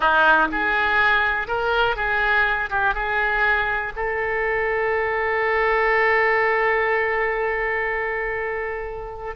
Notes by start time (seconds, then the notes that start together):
0.00 D#4
0.51 G#4
1.47 A#4
1.95 G#4
2.69 G4
2.94 G#4
3.96 A4